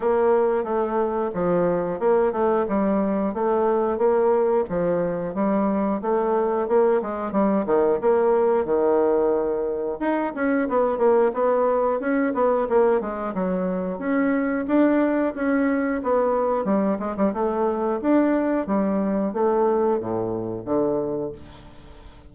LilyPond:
\new Staff \with { instrumentName = "bassoon" } { \time 4/4 \tempo 4 = 90 ais4 a4 f4 ais8 a8 | g4 a4 ais4 f4 | g4 a4 ais8 gis8 g8 dis8 | ais4 dis2 dis'8 cis'8 |
b8 ais8 b4 cis'8 b8 ais8 gis8 | fis4 cis'4 d'4 cis'4 | b4 g8 gis16 g16 a4 d'4 | g4 a4 a,4 d4 | }